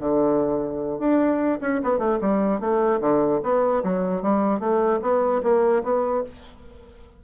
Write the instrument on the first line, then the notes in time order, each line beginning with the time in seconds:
bassoon
0.00 D3
0.99 D4
1.61 C#4
1.84 B3
1.99 A3
2.21 G3
2.61 A3
3.01 D3
3.43 B3
3.84 F#3
4.23 G3
4.60 A3
5.02 B3
5.43 A#3
5.84 B3